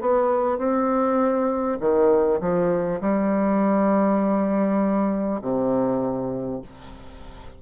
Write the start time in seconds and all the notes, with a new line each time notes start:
0.00 B3
0.58 C4
1.80 D#3
2.40 F3
3.00 G3
5.41 C3